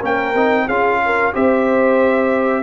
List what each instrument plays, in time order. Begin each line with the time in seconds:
0.00 tuba A#3, trombone C#4, horn A#4, trumpet G5
0.34 tuba C4, trombone D#4
0.66 tuba C#4, trombone F4, horn G#4, trumpet F5
1.05 horn A#4
1.33 tuba C4, trombone G4, horn C5, trumpet E5